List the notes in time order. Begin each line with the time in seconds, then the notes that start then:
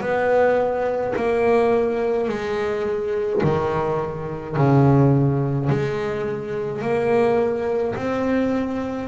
0.00 B3
1.16 A#3
2.28 G#3
3.43 D#3
4.56 C#3
5.69 G#3
6.81 A#3
7.96 C4